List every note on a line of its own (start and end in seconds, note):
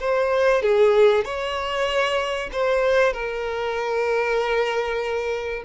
0.00 0.62 C5
0.62 1.25 G#4
1.25 2.50 C#5
2.53 3.13 C5
3.13 5.63 A#4